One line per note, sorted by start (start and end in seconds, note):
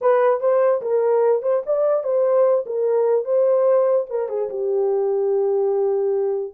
0.01 0.40 B4
0.40 0.81 C5
0.81 1.42 A#4
1.42 1.63 C5
1.65 2.03 D5
2.03 2.65 C5
2.65 3.24 A#4
3.24 4.06 C5
4.09 4.29 A#4
4.29 4.49 G#4
4.49 6.53 G4